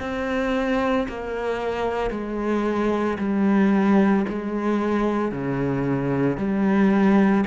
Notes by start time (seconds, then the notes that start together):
0.00 C4
1.09 A#3
2.10 G#3
3.19 G3
4.29 G#3
5.32 C#3
6.37 G3